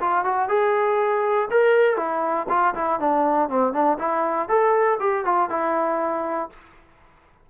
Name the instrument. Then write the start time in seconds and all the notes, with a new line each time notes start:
trombone
0.00 F4
0.24 F#4
0.48 G#4
1.50 A#4
1.97 E4
2.49 F4
2.74 E4
3.00 D4
3.49 C4
3.72 D4
3.98 E4
4.48 A4
5.00 G4
5.25 F4
5.49 E4